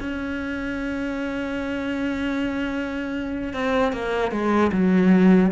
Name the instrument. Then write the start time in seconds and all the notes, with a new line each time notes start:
cello
0.00 C#4
3.54 C4
3.93 A#3
4.32 G#3
4.73 F#3